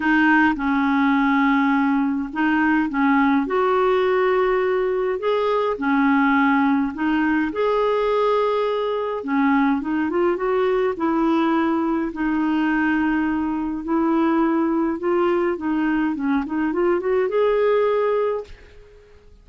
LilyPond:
\new Staff \with { instrumentName = "clarinet" } { \time 4/4 \tempo 4 = 104 dis'4 cis'2. | dis'4 cis'4 fis'2~ | fis'4 gis'4 cis'2 | dis'4 gis'2. |
cis'4 dis'8 f'8 fis'4 e'4~ | e'4 dis'2. | e'2 f'4 dis'4 | cis'8 dis'8 f'8 fis'8 gis'2 | }